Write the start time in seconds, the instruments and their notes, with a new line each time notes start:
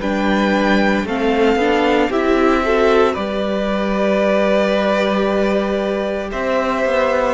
0.00 cello G3, viola D4, violin B4 G5
1.04 cello A3, viola C4, violin A4 F5
1.56 cello B3, viola D4
2.09 cello C4, viola E4, violin G4 E5
2.64 viola F#4, violin A4
3.13 cello G3, viola G4, violin B4 D5
6.31 cello C4, violin C5 E5
6.85 cello B3